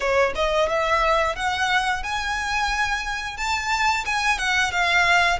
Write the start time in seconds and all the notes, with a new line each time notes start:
0.00 C#5
0.35 D#5
0.68 E5
1.35 F#5
2.03 G#5
3.37 A5
4.05 G#5
4.38 F#5
4.71 F5